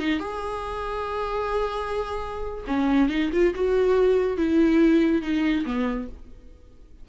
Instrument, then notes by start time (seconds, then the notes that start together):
viola
0.00 D#4
0.20 G#4
2.68 C#4
3.09 D#4
3.33 F4
3.55 F#4
4.38 E4
5.23 D#4
5.66 B3